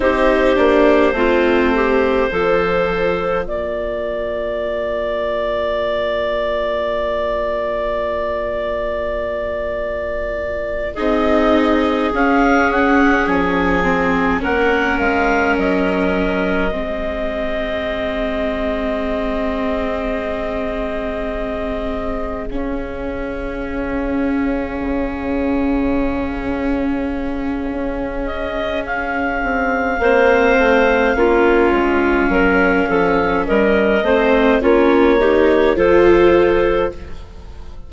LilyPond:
<<
  \new Staff \with { instrumentName = "clarinet" } { \time 4/4 \tempo 4 = 52 c''2. d''4~ | d''1~ | d''4. dis''4 f''8 fis''8 gis''8~ | gis''8 fis''8 f''8 dis''2~ dis''8~ |
dis''2.~ dis''8 f''8~ | f''1~ | f''8 dis''8 f''2.~ | f''4 dis''4 cis''4 c''4 | }
  \new Staff \with { instrumentName = "clarinet" } { \time 4/4 g'4 f'8 g'8 a'4 ais'4~ | ais'1~ | ais'4. gis'2~ gis'8~ | gis'8 ais'2 gis'4.~ |
gis'1~ | gis'1~ | gis'2 c''4 f'4 | ais'8 a'8 ais'8 c''8 f'8 g'8 a'4 | }
  \new Staff \with { instrumentName = "viola" } { \time 4/4 dis'8 d'8 c'4 f'2~ | f'1~ | f'4. dis'4 cis'4. | c'8 cis'2 c'4.~ |
c'2.~ c'8 cis'8~ | cis'1~ | cis'2 c'4 cis'4~ | cis'4. c'8 cis'8 dis'8 f'4 | }
  \new Staff \with { instrumentName = "bassoon" } { \time 4/4 c'8 ais8 a4 f4 ais4~ | ais1~ | ais4. c'4 cis'4 f8~ | f8 ais8 gis8 fis4 gis4.~ |
gis2.~ gis8 cis'8~ | cis'4. cis2~ cis8 | cis'4. c'8 ais8 a8 ais8 gis8 | fis8 f8 g8 a8 ais4 f4 | }
>>